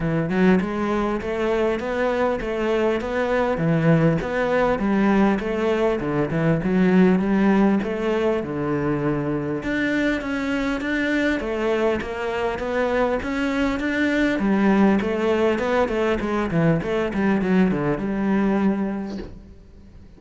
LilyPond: \new Staff \with { instrumentName = "cello" } { \time 4/4 \tempo 4 = 100 e8 fis8 gis4 a4 b4 | a4 b4 e4 b4 | g4 a4 d8 e8 fis4 | g4 a4 d2 |
d'4 cis'4 d'4 a4 | ais4 b4 cis'4 d'4 | g4 a4 b8 a8 gis8 e8 | a8 g8 fis8 d8 g2 | }